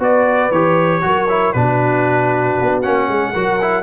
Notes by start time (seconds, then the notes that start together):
0.00 B3 F#4 B4 D5
0.51 E3 G4 C#5
1.02 F#3 F#4 A#4
1.29 E4
1.53 B2 D4 B4
1.60 F#4
2.61 B3
2.82 A#3 C#4 F#5
3.09 G#3 G#4
3.34 F#3 F#4 A#4
3.62 E4